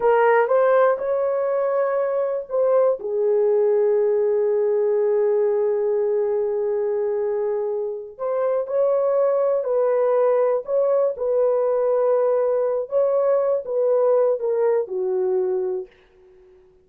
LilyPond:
\new Staff \with { instrumentName = "horn" } { \time 4/4 \tempo 4 = 121 ais'4 c''4 cis''2~ | cis''4 c''4 gis'2~ | gis'1~ | gis'1~ |
gis'8 c''4 cis''2 b'8~ | b'4. cis''4 b'4.~ | b'2 cis''4. b'8~ | b'4 ais'4 fis'2 | }